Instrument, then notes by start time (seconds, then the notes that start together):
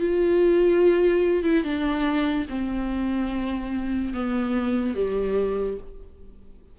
viola
0.00 F4
1.44 E4
1.64 D4
2.50 C4
4.14 B3
4.95 G3